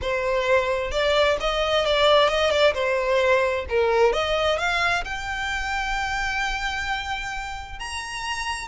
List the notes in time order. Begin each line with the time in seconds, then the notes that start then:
0.01 C5
0.91 D5
1.40 D#5
1.85 D5
2.29 D#5
2.50 D5
2.74 C5
3.69 A#4
4.12 D#5
4.58 F5
5.04 G5
7.79 A#5